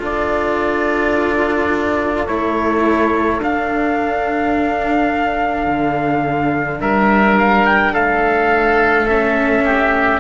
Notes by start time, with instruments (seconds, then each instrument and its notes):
0.00 cello D4 F4, oboe A4, trumpet D5
2.27 cello A3 E4, trumpet C#5
3.40 cello D4, trumpet F5
5.67 cello D3
6.81 cello G3, oboe A#4, trumpet E5
7.39 trumpet F5
7.67 trumpet G5
7.93 cello A3, oboe A4, trumpet F5
9.08 cello C#4, trumpet E5
9.65 oboe G4